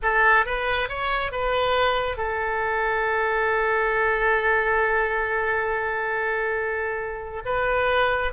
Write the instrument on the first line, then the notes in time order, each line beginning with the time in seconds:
oboe
0.02 A4
0.45 B4
0.88 C#5
1.31 B4
2.17 A4
7.45 B4